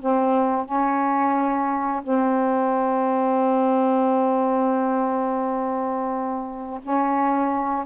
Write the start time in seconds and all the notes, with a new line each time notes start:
0.00 C4
0.66 C#4
2.03 C4
6.83 C#4